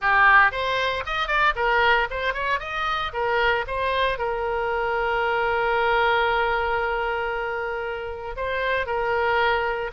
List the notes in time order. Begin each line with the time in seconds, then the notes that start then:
0.01 G4
0.51 C5
1.06 D#5
1.27 D5
1.55 A#4
2.10 C5
2.33 C#5
2.59 D#5
3.13 A#4
3.67 C5
4.18 A#4
8.36 C5
8.86 A#4